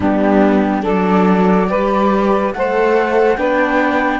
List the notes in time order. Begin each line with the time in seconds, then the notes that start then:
0.00 G3 B3 D4 G4
0.82 F#3 D4 A4 D5
1.67 G3 G4 B4
2.52 A3 A4 C5 F#5
3.36 B3 D4 B4 G5